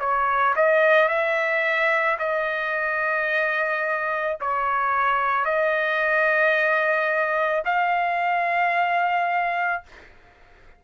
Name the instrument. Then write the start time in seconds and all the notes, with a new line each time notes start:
trumpet
0.00 C#5
0.56 D#5
1.09 E5
2.19 D#5
4.40 C#5
5.45 D#5
7.65 F5